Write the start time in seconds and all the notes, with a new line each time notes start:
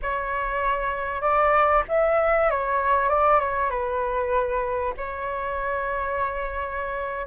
0.01 C#5
1.21 D5
1.88 E5
2.50 C#5
3.09 D5
3.40 C#5
3.70 B4
4.97 C#5